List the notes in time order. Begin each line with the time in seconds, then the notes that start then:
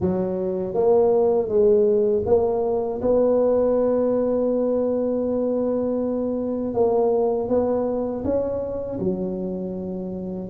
0.00 F#3
0.74 A#3
1.48 G#3
2.25 A#3
3.01 B3
6.74 A#3
7.48 B3
8.24 C#4
8.99 F#3